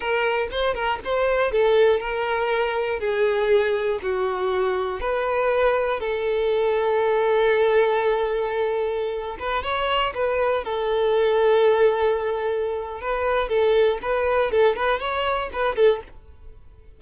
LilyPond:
\new Staff \with { instrumentName = "violin" } { \time 4/4 \tempo 4 = 120 ais'4 c''8 ais'8 c''4 a'4 | ais'2 gis'2 | fis'2 b'2 | a'1~ |
a'2~ a'8. b'8 cis''8.~ | cis''16 b'4 a'2~ a'8.~ | a'2 b'4 a'4 | b'4 a'8 b'8 cis''4 b'8 a'8 | }